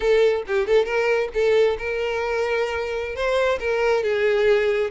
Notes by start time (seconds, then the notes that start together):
0.00 A4
0.47 G4
0.66 A4
0.85 A#4
1.34 A4
1.78 A#4
3.15 C5
3.60 A#4
4.03 G#4